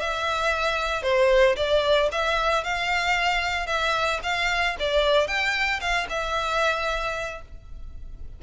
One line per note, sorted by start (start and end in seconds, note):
0.00 1.03 E5
1.03 1.56 C5
1.56 2.09 D5
2.12 2.64 E5
2.64 3.67 F5
3.67 4.20 E5
4.23 4.76 F5
4.79 5.27 D5
5.27 5.80 G5
5.81 6.07 F5
6.09 7.42 E5